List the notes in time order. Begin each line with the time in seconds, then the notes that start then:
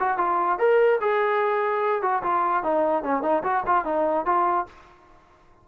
0.00 F#4
0.18 F4
0.59 A#4
1.01 G#4
2.03 F#4
2.23 F4
2.64 D#4
3.04 C#4
3.23 D#4
3.43 F#4
3.67 F4
3.85 D#4
4.26 F4